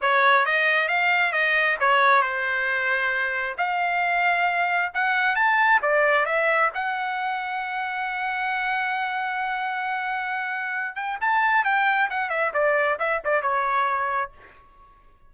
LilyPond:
\new Staff \with { instrumentName = "trumpet" } { \time 4/4 \tempo 4 = 134 cis''4 dis''4 f''4 dis''4 | cis''4 c''2. | f''2. fis''4 | a''4 d''4 e''4 fis''4~ |
fis''1~ | fis''1~ | fis''8 g''8 a''4 g''4 fis''8 e''8 | d''4 e''8 d''8 cis''2 | }